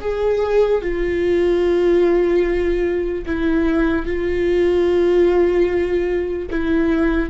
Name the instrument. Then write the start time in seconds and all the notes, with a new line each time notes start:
viola
0.00 G#4
0.81 F4
3.26 E4
4.06 F4
6.50 E4